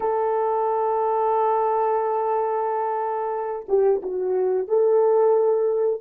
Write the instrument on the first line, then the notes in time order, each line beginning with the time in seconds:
horn
0.00 A4
3.68 G4
4.02 F#4
4.68 A4